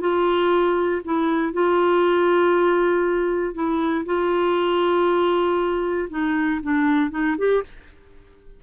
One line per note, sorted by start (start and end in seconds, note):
0.00 1.02 F4
1.04 1.53 E4
1.53 3.54 F4
3.54 4.05 E4
4.05 6.09 F4
6.10 6.61 D#4
6.62 7.11 D4
7.11 7.36 D#4
7.38 7.63 G4